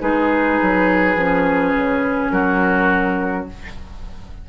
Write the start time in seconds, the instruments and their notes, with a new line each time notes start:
0.00 bassoon G#3, clarinet D#4, oboe G#4, flute B4
0.61 bassoon F#3
1.15 bassoon F3, clarinet C#4
1.75 bassoon C#3
2.30 bassoon F#3, oboe F#4, flute A#4